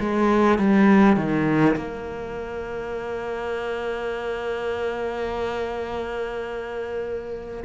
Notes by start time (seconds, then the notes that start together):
0.00 G#3
0.59 G3
1.17 D#3
1.76 A#3